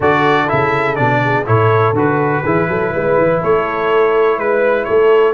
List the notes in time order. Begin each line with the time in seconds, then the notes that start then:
0.00 D3 F#4 A4 D5
0.48 C#3 E4 E5
0.95 B2 D4 D5
1.24 G#4
1.45 A2 E4 A4 C#5
1.92 D3 F#4 B4
2.42 E3 E4 G#4
2.68 F#3 A4
2.92 G#3 B4
3.17 E3
3.41 A3 A4 C#5
4.38 G#3 B4
4.84 A3 A4 C#5